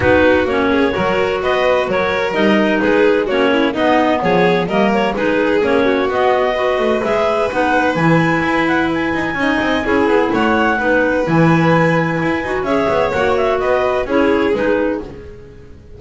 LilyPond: <<
  \new Staff \with { instrumentName = "clarinet" } { \time 4/4 \tempo 4 = 128 b'4 cis''2 dis''4 | cis''4 dis''4 b'4 cis''4 | dis''4 cis''4 dis''8 cis''8 b'4 | cis''4 dis''2 e''4 |
fis''4 gis''4. fis''8 gis''4~ | gis''2 fis''2 | gis''2. e''4 | fis''8 e''8 dis''4 cis''4 b'4 | }
  \new Staff \with { instrumentName = "violin" } { \time 4/4 fis'4. gis'8 ais'4 b'4 | ais'2 gis'4 fis'8 e'8 | dis'4 gis'4 ais'4 gis'4~ | gis'8 fis'4. b'2~ |
b'1 | dis''4 gis'4 cis''4 b'4~ | b'2. cis''4~ | cis''4 b'4 gis'2 | }
  \new Staff \with { instrumentName = "clarinet" } { \time 4/4 dis'4 cis'4 fis'2~ | fis'4 dis'2 cis'4 | b2 ais4 dis'4 | cis'4 b4 fis'4 gis'4 |
dis'4 e'2. | dis'4 e'2 dis'4 | e'2~ e'8 fis'8 gis'4 | fis'2 e'4 dis'4 | }
  \new Staff \with { instrumentName = "double bass" } { \time 4/4 b4 ais4 fis4 b4 | fis4 g4 gis4 ais4 | b4 f4 g4 gis4 | ais4 b4. a8 gis4 |
b4 e4 e'4. dis'8 | cis'8 c'8 cis'8 b8 a4 b4 | e2 e'8 dis'8 cis'8 b8 | ais4 b4 cis'4 gis4 | }
>>